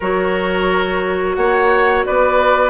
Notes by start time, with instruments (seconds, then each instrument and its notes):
0.00 bassoon F#3, clarinet F#4, oboe A#4, flute C#5
1.35 bassoon A#3, oboe C#5, flute F#5
2.05 bassoon B3, oboe B4, flute D5